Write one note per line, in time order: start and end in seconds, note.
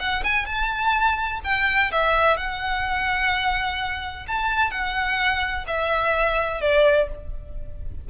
0.00 0.24 F#5
0.24 0.46 G#5
0.46 1.40 A5
1.45 1.92 G5
1.92 2.38 E5
2.38 4.26 F#5
4.28 4.71 A5
4.71 5.66 F#5
5.68 6.61 E5
6.61 7.09 D5